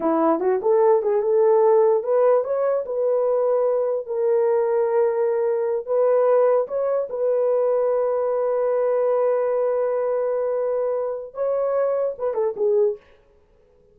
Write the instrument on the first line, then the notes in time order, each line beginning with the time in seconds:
horn
0.00 E4
0.40 F#4
0.62 A4
1.02 G#4
1.22 A4
2.03 B4
2.43 C#5
2.85 B4
4.06 A#4
5.86 B4
6.67 C#5
7.09 B4
11.33 C#5
12.18 B4
12.34 A4
12.56 G#4